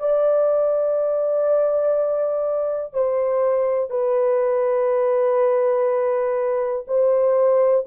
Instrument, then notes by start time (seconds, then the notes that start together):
horn
0.00 D5
2.94 C5
3.91 B4
6.88 C5